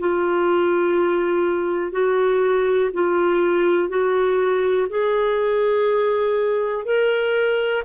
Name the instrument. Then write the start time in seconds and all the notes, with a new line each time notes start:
clarinet
0.00 F4
1.92 F#4
2.94 F4
3.89 F#4
4.90 G#4
6.85 A#4